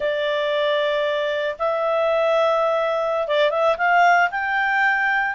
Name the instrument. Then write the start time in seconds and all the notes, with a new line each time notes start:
clarinet
0.00 D5
1.58 E5
3.27 D5
3.50 E5
3.77 F5
4.30 G5